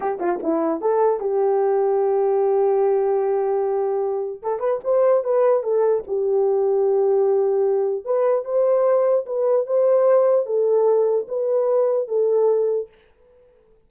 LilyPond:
\new Staff \with { instrumentName = "horn" } { \time 4/4 \tempo 4 = 149 g'8 f'8 e'4 a'4 g'4~ | g'1~ | g'2. a'8 b'8 | c''4 b'4 a'4 g'4~ |
g'1 | b'4 c''2 b'4 | c''2 a'2 | b'2 a'2 | }